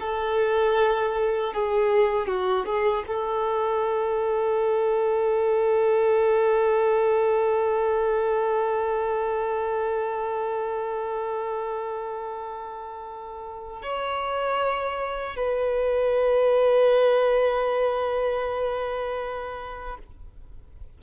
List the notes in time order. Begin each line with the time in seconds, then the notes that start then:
0.00 A4
1.53 G#4
2.27 F#4
2.65 G#4
3.07 A4
13.83 C#5
15.36 B4